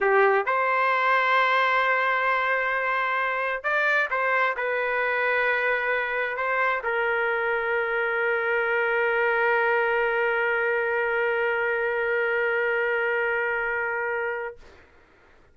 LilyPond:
\new Staff \with { instrumentName = "trumpet" } { \time 4/4 \tempo 4 = 132 g'4 c''2.~ | c''1 | d''4 c''4 b'2~ | b'2 c''4 ais'4~ |
ais'1~ | ais'1~ | ais'1~ | ais'1 | }